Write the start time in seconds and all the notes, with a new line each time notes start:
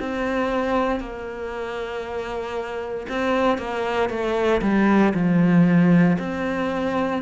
0.00 C4
1.00 A#3
3.09 C4
3.58 A#3
4.10 A3
4.62 G3
5.14 F3
6.19 C4